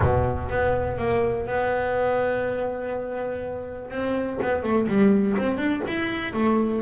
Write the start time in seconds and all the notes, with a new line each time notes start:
0.01 B2
0.49 B3
0.98 A#3
1.46 B3
3.90 C4
4.41 B3
4.62 A3
4.87 G3
5.37 C4
5.57 D4
5.87 E4
6.33 A3